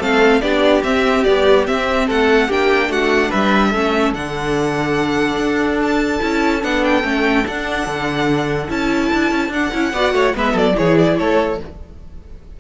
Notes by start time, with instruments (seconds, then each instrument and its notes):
0.00 cello A3, viola C4, violin A4 F5
0.41 cello B3, viola D4, violin G4 D5
0.84 cello C4, viola C4, violin E5
1.24 viola G3, cello B3, violin D5
1.67 viola C4, cello C4, violin E5
2.07 cello A3, violin A4 F#5
2.48 cello A#3, viola D4, violin G4 G5
2.89 cello A3, violin F#4 F#5
3.30 cello G3, violin B4 E5
3.70 cello A3, viola C#4, violin A4
4.14 cello D3, viola D4, violin F#5
5.37 cello D4
5.83 violin A5
6.20 cello C#4, viola E4
6.62 cello B3, viola D4, violin F#5
6.84 violin G5
7.03 cello A3, viola C#4
7.45 viola D4, cello D4, violin F#5
7.87 cello D3
8.69 cello C#4, viola E4, violin A5
9.13 cello D4
9.32 cello C#4
9.49 cello D4, viola D4, violin F#5
9.72 cello C#4, viola E4
9.93 cello B3, viola F#4, violin D5
10.13 cello A3, violin C#5
10.34 cello G#3, viola B3, violin B4 E5
10.53 cello F#3, violin A4 D5
10.74 cello E3, viola E4, violin G#4 C#5
10.98 violin D5
11.19 cello A3, violin A4 C#5